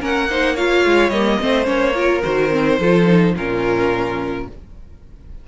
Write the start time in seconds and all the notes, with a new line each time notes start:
0.00 A#3 C#4 A#4 F#5
0.30 D#4 C5
0.55 F4 C#5 F5
0.86 G#3
1.10 G3 A#3 D#5
1.41 A3 C4 C5
1.64 A#3 C#4 C#5
1.95 F4 A#4
2.24 D#3 F#4 C5
2.51 C4
2.80 F3 F4 A4
3.07 D#4
3.36 A#2 C#4 F4 A#4